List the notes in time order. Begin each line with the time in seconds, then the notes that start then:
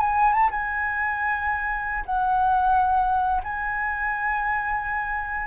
0.00 G#5
0.33 A5
0.51 G#5
2.06 F#5
3.44 G#5